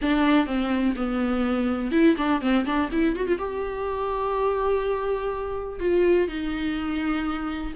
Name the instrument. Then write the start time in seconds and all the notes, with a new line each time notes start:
viola
0.01 D4
0.46 C4
0.95 B3
1.91 E4
2.17 D4
2.41 C4
2.65 D4
2.92 E4
3.16 F#4
3.27 F4
3.38 G4
5.79 F4
6.28 D#4